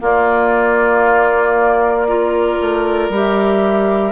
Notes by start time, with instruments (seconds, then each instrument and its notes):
0.00 clarinet A#3, bassoon A#3, oboe F4, flute D5
2.08 clarinet F4, oboe A#4
2.61 bassoon A3
3.10 bassoon G3, clarinet G4, flute E5